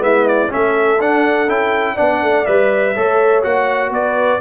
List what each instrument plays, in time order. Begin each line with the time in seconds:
0.00 tuba G#3, trombone B3, horn E4, trumpet E5
0.28 trumpet D5
0.50 tuba A3, trombone C#4, horn A4, trumpet E5
1.01 tuba D4, trombone D4, trumpet F#5
1.48 tuba C#4, trombone E4, trumpet G5
1.95 tuba B3, trombone D4, horn D5, trumpet F#5
2.23 tuba A3
2.46 tuba G3, trombone B4, trumpet E5
2.95 tuba A3, trombone A4, horn C#5
3.43 tuba A#3, trombone F#4, trumpet F#5
3.90 tuba B3, horn B4, trumpet D5